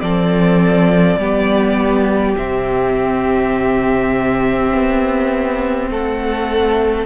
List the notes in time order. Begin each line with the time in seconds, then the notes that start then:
0.00 F3 C4 A4 D5
1.17 G3 B3 G4
2.36 C3 C4 E5
4.73 B3
5.90 A3 A4 F#5